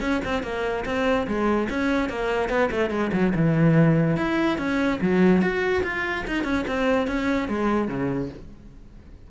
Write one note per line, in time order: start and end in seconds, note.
0.00 0.21 C#4
0.24 0.43 C4
0.43 0.84 A#3
0.85 1.26 C4
1.27 1.68 G#3
1.69 2.09 C#4
2.09 2.49 A#3
2.49 2.70 B3
2.71 2.90 A3
2.90 3.11 G#3
3.12 3.33 F#3
3.35 4.17 E3
4.17 4.58 E4
4.58 4.99 C#4
5.01 5.41 F#3
5.41 5.83 F#4
5.83 6.24 F4
6.27 6.44 D#4
6.44 6.65 C#4
6.67 7.07 C4
7.07 7.48 C#4
7.48 7.88 G#3
7.88 8.29 C#3